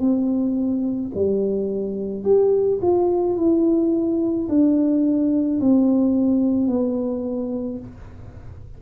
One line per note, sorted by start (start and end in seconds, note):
0.00 1.11 C4
1.14 2.24 G3
2.24 2.80 G4
2.82 3.36 F4
3.36 4.47 E4
4.48 5.60 D4
5.60 6.67 C4
6.67 7.78 B3